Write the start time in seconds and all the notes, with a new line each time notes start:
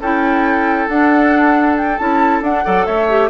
0.00 C#4 E4 A4 G5
0.88 D4 F#5
1.77 G5
1.98 C#4 E4 A5
2.41 D4 F#5
2.64 F#3 A4 D5
2.86 A3 C#5 E5
3.09 G4